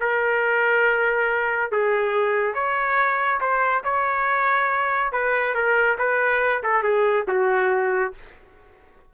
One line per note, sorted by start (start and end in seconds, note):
0.00 1.71 A#4
1.71 2.54 G#4
2.54 3.40 C#5
3.40 3.83 C5
3.83 5.12 C#5
5.12 5.54 B4
5.54 5.97 A#4
5.98 6.62 B4
6.63 6.83 A4
6.83 7.25 G#4
7.27 8.13 F#4